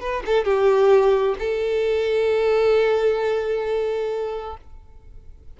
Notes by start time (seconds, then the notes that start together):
0.00 B4
0.25 A4
0.44 G4
1.38 A4